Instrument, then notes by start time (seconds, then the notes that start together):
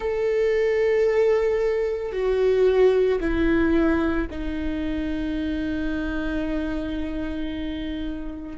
viola
0.00 A4
2.12 F#4
3.20 E4
4.30 D#4